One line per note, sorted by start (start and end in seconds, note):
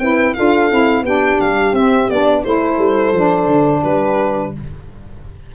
0.00 0.35 C4
0.00 0.35 E4
0.00 0.36 B4
0.00 0.34 G5
0.34 0.72 D4
0.34 0.70 F4
0.34 1.05 A4
0.34 1.04 F5
0.70 1.02 C4
0.70 1.05 E4
1.02 1.37 B3
1.02 1.75 D4
1.02 2.44 G4
1.02 1.41 G5
1.41 1.73 G3
1.41 1.75 F5
1.73 2.08 C4
1.73 2.10 C4
1.73 2.10 E5
2.10 2.45 B3
2.10 2.45 D4
2.10 2.44 D5
2.44 2.79 A3
2.44 3.15 E4
2.44 3.82 A4
2.44 3.83 C5
2.79 3.13 G3
3.13 3.47 F3
3.13 4.55 D4
3.47 3.82 D3
3.82 4.55 G3
3.82 4.52 G4
3.82 4.53 B4